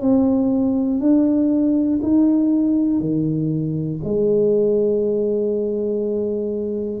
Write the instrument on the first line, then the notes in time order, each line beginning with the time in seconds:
tuba
0.00 C4
0.99 D4
2.02 D#4
3.00 D#3
4.04 G#3